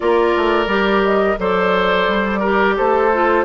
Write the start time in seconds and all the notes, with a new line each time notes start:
0.00 A#3 F4 A#4 D5
0.36 A3
0.66 G3 G4
1.03 D#5
1.38 F#3 A4 C5 D5
2.08 G3
2.39 G4 A#4
2.77 A3 A4 C5
3.12 F4